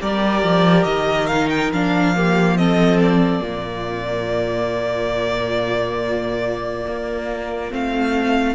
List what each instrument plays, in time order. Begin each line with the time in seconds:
0.00 cello G3, viola G4, violin A#4 D5
0.43 cello F3
0.84 cello D#3, violin D#5
1.27 viola D#4, violin F5
1.50 violin G5
1.72 cello F3, viola D4, violin F5
2.16 viola A#3, violin G4
2.57 viola C4, violin A4 D#5
3.02 violin D5
3.40 cello A#2, viola A#3, violin F4
6.87 cello A#3
7.71 cello A3, viola C4, violin F5